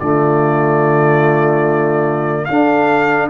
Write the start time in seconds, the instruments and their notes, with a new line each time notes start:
0.00 tuba D3, trombone A3, horn F4, trumpet D5
2.45 trombone D4, tuba D4, horn A4, trumpet F5